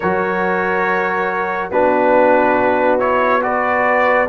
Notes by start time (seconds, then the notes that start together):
0.00 F#3 F#4 A#4 C#5
1.70 B3 D4 F#4 B4
2.99 E4 C#5
3.41 F#4 B4 D5